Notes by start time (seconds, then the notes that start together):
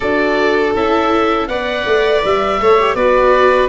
0.00 D4 F#4 A4 D5
0.75 C#4 E4 E5
1.47 B3 B4 D5 F#5
1.85 A3
2.24 G3 E5
2.60 A3 A4 C#5
2.79 G4
2.95 B3 F#4 B4 D5